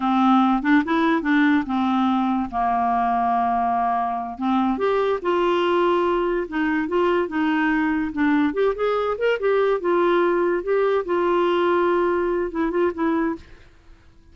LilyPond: \new Staff \with { instrumentName = "clarinet" } { \time 4/4 \tempo 4 = 144 c'4. d'8 e'4 d'4 | c'2 ais2~ | ais2~ ais8 c'4 g'8~ | g'8 f'2. dis'8~ |
dis'8 f'4 dis'2 d'8~ | d'8 g'8 gis'4 ais'8 g'4 f'8~ | f'4. g'4 f'4.~ | f'2 e'8 f'8 e'4 | }